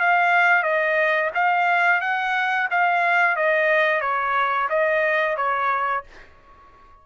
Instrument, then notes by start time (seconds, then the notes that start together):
trumpet
0.00 F5
0.63 D#5
1.35 F5
2.01 F#5
2.71 F5
3.36 D#5
4.01 C#5
4.69 D#5
5.37 C#5